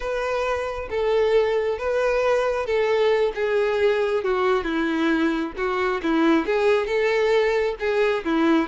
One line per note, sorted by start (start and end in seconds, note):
0.00 0.88 B4
0.89 1.78 A4
1.78 2.65 B4
2.65 3.32 A4
3.35 4.23 G#4
4.23 4.64 F#4
4.64 5.53 E4
5.56 6.01 F#4
6.02 6.46 E4
6.46 6.86 G#4
6.86 7.75 A4
7.79 8.23 G#4
8.24 8.68 E4